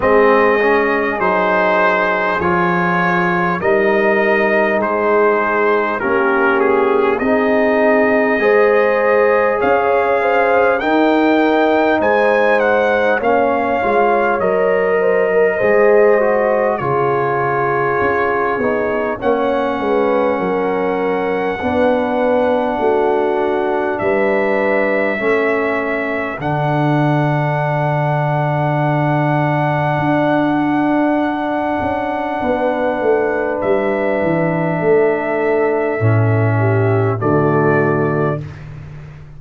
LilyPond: <<
  \new Staff \with { instrumentName = "trumpet" } { \time 4/4 \tempo 4 = 50 dis''4 c''4 cis''4 dis''4 | c''4 ais'8 gis'8 dis''2 | f''4 g''4 gis''8 fis''8 f''4 | dis''2 cis''2 |
fis''1 | e''2 fis''2~ | fis''1 | e''2. d''4 | }
  \new Staff \with { instrumentName = "horn" } { \time 4/4 gis'2. ais'4 | gis'4 g'4 gis'4 c''4 | cis''8 c''8 ais'4 c''4 cis''4~ | cis''8 c''16 ais'16 c''4 gis'2 |
cis''8 b'8 ais'4 b'4 fis'4 | b'4 a'2.~ | a'2. b'4~ | b'4 a'4. g'8 fis'4 | }
  \new Staff \with { instrumentName = "trombone" } { \time 4/4 c'8 cis'8 dis'4 f'4 dis'4~ | dis'4 cis'4 dis'4 gis'4~ | gis'4 dis'2 cis'8 f'8 | ais'4 gis'8 fis'8 f'4. dis'8 |
cis'2 d'2~ | d'4 cis'4 d'2~ | d'1~ | d'2 cis'4 a4 | }
  \new Staff \with { instrumentName = "tuba" } { \time 4/4 gis4 fis4 f4 g4 | gis4 ais4 c'4 gis4 | cis'4 dis'4 gis4 ais8 gis8 | fis4 gis4 cis4 cis'8 b8 |
ais8 gis8 fis4 b4 a4 | g4 a4 d2~ | d4 d'4. cis'8 b8 a8 | g8 e8 a4 a,4 d4 | }
>>